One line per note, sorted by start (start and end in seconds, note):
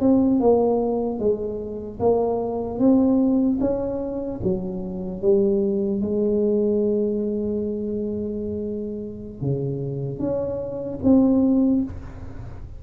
0.00 0.40 C4
0.40 1.19 A#3
1.19 1.99 G#3
1.99 2.79 A#3
2.79 3.59 C4
3.60 4.40 C#4
4.43 5.22 F#3
5.22 6.01 G3
6.01 9.41 G#3
9.41 10.19 C#3
10.19 10.99 C#4
11.03 11.83 C4